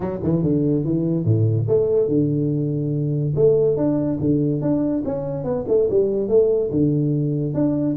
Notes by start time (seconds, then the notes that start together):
0.00 F#3
0.23 E3
0.42 D3
0.84 E3
1.24 A2
1.68 A3
2.08 D3
3.35 A3
3.76 D4
4.20 D3
4.61 D4
5.05 C#4
5.44 B3
5.68 A3
5.90 G3
6.28 A3
6.70 D3
7.54 D4